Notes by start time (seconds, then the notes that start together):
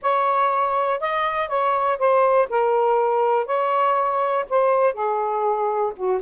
0.01 C#5
1.00 D#5
1.48 C#5
1.99 C5
2.49 A#4
3.46 C#5
4.49 C5
4.93 G#4
5.96 F#4